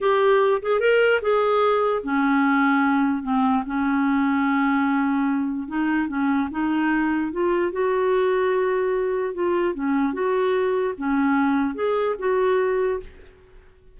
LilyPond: \new Staff \with { instrumentName = "clarinet" } { \time 4/4 \tempo 4 = 148 g'4. gis'8 ais'4 gis'4~ | gis'4 cis'2. | c'4 cis'2.~ | cis'2 dis'4 cis'4 |
dis'2 f'4 fis'4~ | fis'2. f'4 | cis'4 fis'2 cis'4~ | cis'4 gis'4 fis'2 | }